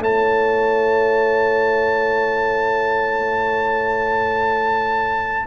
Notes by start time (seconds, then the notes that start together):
0.00 A3 E4 C#5 A5